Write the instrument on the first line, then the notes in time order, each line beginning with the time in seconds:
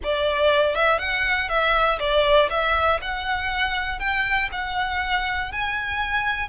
violin
0.03 D5
0.75 E5
0.98 F#5
1.49 E5
1.99 D5
2.50 E5
3.01 F#5
3.99 G5
4.52 F#5
5.51 G#5